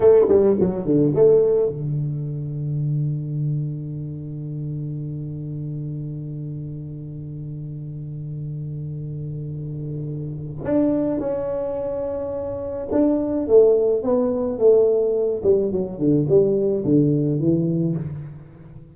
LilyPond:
\new Staff \with { instrumentName = "tuba" } { \time 4/4 \tempo 4 = 107 a8 g8 fis8 d8 a4 d4~ | d1~ | d1~ | d1~ |
d2. d'4 | cis'2. d'4 | a4 b4 a4. g8 | fis8 d8 g4 d4 e4 | }